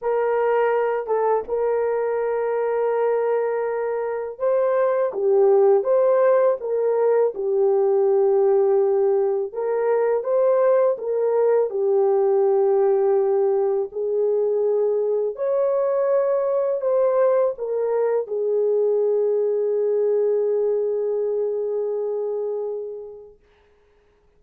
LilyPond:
\new Staff \with { instrumentName = "horn" } { \time 4/4 \tempo 4 = 82 ais'4. a'8 ais'2~ | ais'2 c''4 g'4 | c''4 ais'4 g'2~ | g'4 ais'4 c''4 ais'4 |
g'2. gis'4~ | gis'4 cis''2 c''4 | ais'4 gis'2.~ | gis'1 | }